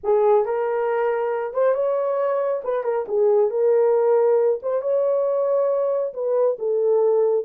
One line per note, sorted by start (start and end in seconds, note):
0.03 0.45 G#4
0.45 1.53 A#4
1.53 1.74 C5
1.74 2.62 C#5
2.63 2.83 B4
2.83 3.05 A#4
3.08 3.50 G#4
3.50 4.60 A#4
4.62 4.81 C5
4.81 6.13 C#5
6.13 6.57 B4
6.59 7.45 A4